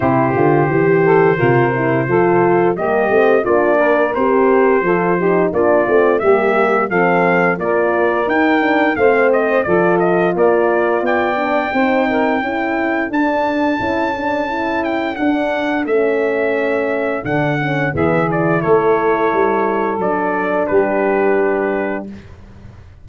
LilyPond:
<<
  \new Staff \with { instrumentName = "trumpet" } { \time 4/4 \tempo 4 = 87 c''1 | dis''4 d''4 c''2 | d''4 e''4 f''4 d''4 | g''4 f''8 dis''8 d''8 dis''8 d''4 |
g''2. a''4~ | a''4. g''8 fis''4 e''4~ | e''4 fis''4 e''8 d''8 cis''4~ | cis''4 d''4 b'2 | }
  \new Staff \with { instrumentName = "saxophone" } { \time 4/4 g'4. a'8 ais'4 a'4 | g'4 f'8 ais'4. a'8 g'8 | f'4 g'4 a'4 ais'4~ | ais'4 c''4 a'4 ais'4 |
d''4 c''8 ais'8 a'2~ | a'1~ | a'2 gis'4 a'4~ | a'2 g'2 | }
  \new Staff \with { instrumentName = "horn" } { \time 4/4 e'8 f'8 g'4 f'8 e'8 f'4 | ais8 c'8 d'4 g'4 f'8 dis'8 | d'8 c'8 ais4 c'4 f'4 | dis'8 d'8 c'4 f'2~ |
f'8 d'8 dis'4 e'4 d'4 | e'8 d'8 e'4 d'4 cis'4~ | cis'4 d'8 cis'8 b8 e'4.~ | e'4 d'2. | }
  \new Staff \with { instrumentName = "tuba" } { \time 4/4 c8 d8 e4 c4 f4 | g8 a8 ais4 c'4 f4 | ais8 a8 g4 f4 ais4 | dis'4 a4 f4 ais4 |
b4 c'4 cis'4 d'4 | cis'2 d'4 a4~ | a4 d4 e4 a4 | g4 fis4 g2 | }
>>